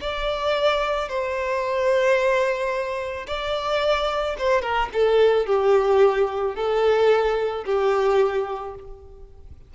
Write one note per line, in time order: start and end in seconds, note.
0.00 1.08 D5
1.08 3.26 C5
3.27 4.36 D5
4.38 4.61 C5
4.61 4.89 A#4
4.93 5.46 A4
5.46 6.55 G4
6.55 7.64 A4
7.65 8.74 G4